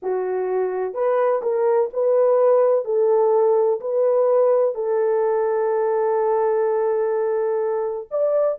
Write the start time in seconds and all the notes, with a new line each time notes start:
0.02 F#4
0.94 B4
1.42 A#4
1.93 B4
2.84 A4
3.80 B4
4.74 A4
8.10 D5